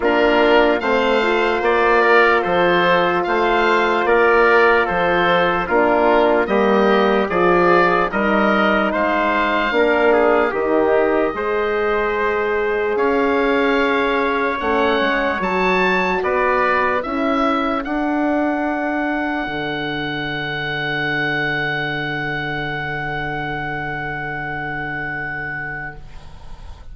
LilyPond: <<
  \new Staff \with { instrumentName = "oboe" } { \time 4/4 \tempo 4 = 74 ais'4 f''4 d''4 c''4 | f''4 d''4 c''4 ais'4 | dis''4 d''4 dis''4 f''4~ | f''4 dis''2. |
f''2 fis''4 a''4 | d''4 e''4 fis''2~ | fis''1~ | fis''1 | }
  \new Staff \with { instrumentName = "trumpet" } { \time 4/4 f'4 c''4. ais'8 a'4 | c''4 ais'4 a'4 f'4 | g'4 gis'4 ais'4 c''4 | ais'8 gis'8 g'4 c''2 |
cis''1 | b'4 a'2.~ | a'1~ | a'1 | }
  \new Staff \with { instrumentName = "horn" } { \time 4/4 d'4 c'8 f'2~ f'8~ | f'2. d'4 | ais4 f'4 dis'2 | d'4 dis'4 gis'2~ |
gis'2 cis'4 fis'4~ | fis'4 e'4 d'2~ | d'1~ | d'1 | }
  \new Staff \with { instrumentName = "bassoon" } { \time 4/4 ais4 a4 ais4 f4 | a4 ais4 f4 ais4 | g4 f4 g4 gis4 | ais4 dis4 gis2 |
cis'2 a8 gis8 fis4 | b4 cis'4 d'2 | d1~ | d1 | }
>>